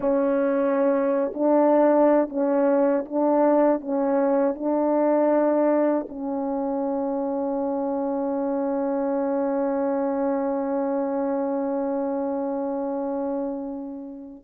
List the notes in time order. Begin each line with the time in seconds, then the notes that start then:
0.00 C#4
1.34 D4
2.29 C#4
3.05 D4
3.80 C#4
4.55 D4
6.08 C#4